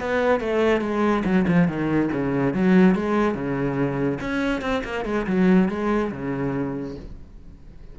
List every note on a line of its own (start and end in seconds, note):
0.00 0.40 B3
0.40 0.81 A3
0.81 1.23 G#3
1.24 1.45 F#3
1.47 1.67 F3
1.67 2.10 D#3
2.12 2.54 C#3
2.54 2.95 F#3
2.95 3.34 G#3
3.34 4.19 C#3
4.20 4.61 C#4
4.61 4.82 C4
4.84 5.05 A#3
5.05 5.26 G#3
5.26 5.69 F#3
5.69 6.11 G#3
6.11 6.96 C#3